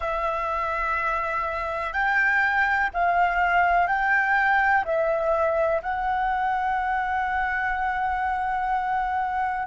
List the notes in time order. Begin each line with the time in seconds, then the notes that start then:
0.00 E5
1.92 G5
2.93 F5
3.87 G5
4.84 E5
5.82 F#5